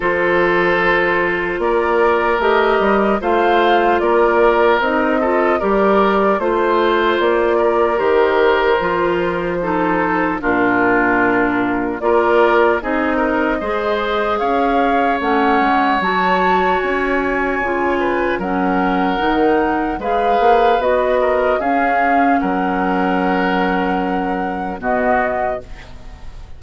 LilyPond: <<
  \new Staff \with { instrumentName = "flute" } { \time 4/4 \tempo 4 = 75 c''2 d''4 dis''4 | f''4 d''4 dis''4 d''4 | c''4 d''4 c''2~ | c''4 ais'2 d''4 |
dis''2 f''4 fis''4 | a''4 gis''2 fis''4~ | fis''4 f''4 dis''4 f''4 | fis''2. dis''4 | }
  \new Staff \with { instrumentName = "oboe" } { \time 4/4 a'2 ais'2 | c''4 ais'4. a'8 ais'4 | c''4. ais'2~ ais'8 | a'4 f'2 ais'4 |
gis'8 ais'8 c''4 cis''2~ | cis''2~ cis''8 b'8 ais'4~ | ais'4 b'4. ais'8 gis'4 | ais'2. fis'4 | }
  \new Staff \with { instrumentName = "clarinet" } { \time 4/4 f'2. g'4 | f'2 dis'8 f'8 g'4 | f'2 g'4 f'4 | dis'4 d'2 f'4 |
dis'4 gis'2 cis'4 | fis'2 f'4 cis'4 | dis'4 gis'4 fis'4 cis'4~ | cis'2. b4 | }
  \new Staff \with { instrumentName = "bassoon" } { \time 4/4 f2 ais4 a8 g8 | a4 ais4 c'4 g4 | a4 ais4 dis4 f4~ | f4 ais,2 ais4 |
c'4 gis4 cis'4 a8 gis8 | fis4 cis'4 cis4 fis4 | dis4 gis8 ais8 b4 cis'4 | fis2. b,4 | }
>>